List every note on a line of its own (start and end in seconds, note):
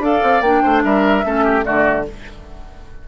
0.00 0.20 D4
0.00 0.43 A4
0.00 0.63 D5
0.00 0.42 F5
0.24 0.42 C4
0.42 0.62 A#3
0.42 1.25 D4
0.42 0.82 G5
0.63 0.84 A3
0.63 0.83 C5
0.84 1.25 G3
0.84 1.25 A#4
0.84 1.65 E5
1.25 1.66 A3
1.25 1.63 C#4
1.25 1.45 A4
1.45 1.65 G4
1.63 2.09 D3
1.63 2.03 A3
1.63 2.06 F#4
1.63 2.05 D5